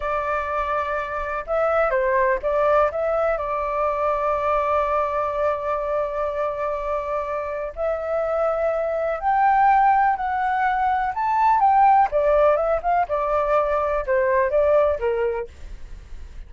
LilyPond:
\new Staff \with { instrumentName = "flute" } { \time 4/4 \tempo 4 = 124 d''2. e''4 | c''4 d''4 e''4 d''4~ | d''1~ | d''1 |
e''2. g''4~ | g''4 fis''2 a''4 | g''4 d''4 e''8 f''8 d''4~ | d''4 c''4 d''4 ais'4 | }